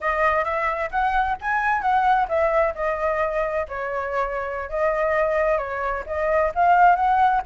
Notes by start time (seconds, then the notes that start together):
0.00 D#5
0.44 E5
0.91 F#5
1.41 G#5
1.81 F#5
2.28 E5
2.74 D#5
3.68 C#5
4.69 D#5
5.58 C#5
6.06 D#5
6.54 F5
6.95 F#5